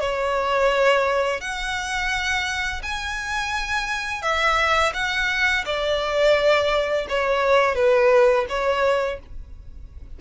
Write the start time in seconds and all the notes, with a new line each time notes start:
0.00 C#5
1.40 F#5
2.83 G#5
4.22 E5
4.94 F#5
5.65 D5
7.09 C#5
7.75 B4
8.49 C#5